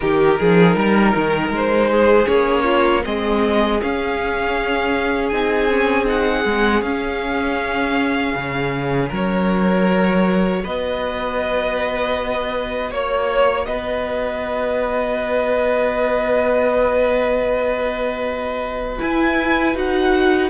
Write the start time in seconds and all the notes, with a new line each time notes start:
0.00 D#3 D#4 G4 A#4
0.39 F3 G#4
0.75 G3 A#4
1.15 D#3
1.49 G#3
1.55 C5
1.90 G#4
2.25 A#3 C#4 C#5
2.64 F4
3.03 G#3 C4 G#4 D#5
3.81 C#4 F5
5.28 C4 D#4 G#5
5.69 C#4
6.06 D#4 F#5
6.44 G#3 C4
6.81 C#4 F5
8.34 C#3
9.08 F#3 A#4 C#5
9.87 F#4
10.63 B3 B4 D#5
12.90 A#3 C#5
13.65 B3 B4 D#5
18.99 E4 G#5
19.74 D#4 F#4 F#5